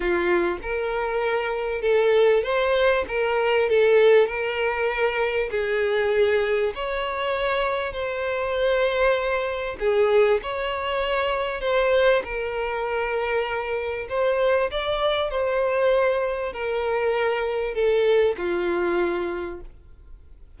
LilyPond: \new Staff \with { instrumentName = "violin" } { \time 4/4 \tempo 4 = 98 f'4 ais'2 a'4 | c''4 ais'4 a'4 ais'4~ | ais'4 gis'2 cis''4~ | cis''4 c''2. |
gis'4 cis''2 c''4 | ais'2. c''4 | d''4 c''2 ais'4~ | ais'4 a'4 f'2 | }